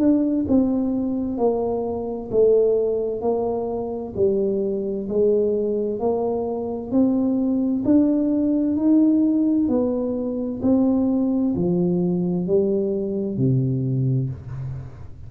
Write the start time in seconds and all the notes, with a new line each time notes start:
0.00 D4
0.49 C4
1.38 A#3
2.32 A3
3.22 A#3
4.16 G3
5.09 G#3
6.00 A#3
6.91 C4
7.85 D4
8.77 D#4
9.69 B3
10.63 C4
11.56 F3
12.47 G3
13.38 C3